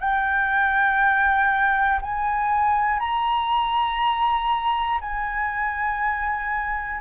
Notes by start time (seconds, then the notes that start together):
0.00 G5
2.02 G#5
3.00 A#5
5.00 G#5